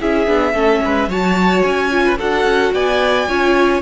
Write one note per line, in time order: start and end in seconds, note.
0.00 0.27 C#4
0.00 0.27 E4
0.00 0.54 G#4
0.00 1.11 E5
0.27 0.53 B3
0.27 0.54 D4
0.53 0.80 A3
0.53 1.09 C#4
0.53 0.81 A4
0.85 1.08 G#3
0.85 1.09 B4
1.08 1.63 F#3
1.08 1.91 F#4
1.08 2.05 C#5
1.08 1.62 A5
1.62 2.19 C#4
1.62 2.17 G#5
1.91 2.18 F4
2.05 2.18 B4
2.18 2.44 D4
2.18 3.29 F#4
2.18 2.73 A4
2.18 2.74 F#5
2.44 2.71 C#4
2.74 3.28 B3
2.74 3.28 D5
2.74 3.82 G#5
3.28 3.82 C#4
3.28 3.82 F4
3.28 3.82 C#5